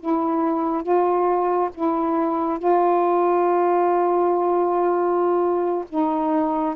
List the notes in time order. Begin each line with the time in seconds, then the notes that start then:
0.00 E4
0.83 F4
1.75 E4
2.59 F4
5.90 D#4